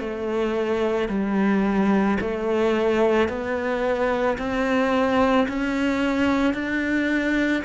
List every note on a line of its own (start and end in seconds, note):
0.00 1.09 A3
1.09 2.18 G3
2.21 3.29 A3
3.29 4.38 B3
4.38 5.47 C4
5.48 6.54 C#4
6.54 7.63 D4